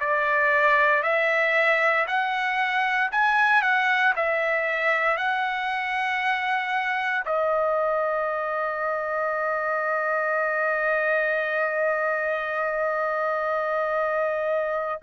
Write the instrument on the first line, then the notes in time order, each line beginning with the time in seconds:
trumpet
0.00 D5
1.03 E5
2.07 F#5
3.11 G#5
3.62 F#5
4.16 E5
5.17 F#5
7.25 D#5